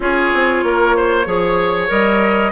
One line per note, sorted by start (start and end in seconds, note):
0.00 0.31 C#4
0.00 1.25 F4
0.00 0.65 G#4
0.00 1.90 C#5
0.34 0.63 C4
0.63 1.26 A#3
0.63 0.96 A#4
0.96 1.26 C5
1.25 1.89 F3
1.25 1.88 G#4
1.25 2.51 C#5
1.88 2.51 G3
1.88 2.51 A#4
1.88 2.51 D#5